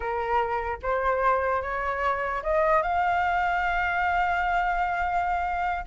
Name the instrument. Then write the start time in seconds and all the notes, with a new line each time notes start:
flute
0.00 A#4
0.82 C5
1.62 C#5
2.43 D#5
2.82 F5